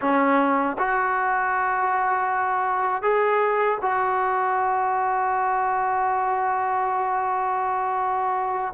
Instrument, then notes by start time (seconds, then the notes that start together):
trombone
0.01 C#4
0.78 F#4
3.02 G#4
3.81 F#4